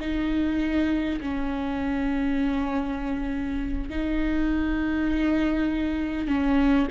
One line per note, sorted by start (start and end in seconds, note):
0.00 1.20 D#4
1.21 3.89 C#4
3.89 6.27 D#4
6.27 6.87 C#4